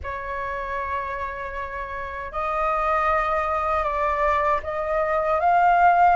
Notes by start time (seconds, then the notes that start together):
0.03 C#5
2.31 D#5
3.83 D5
4.63 D#5
5.40 F5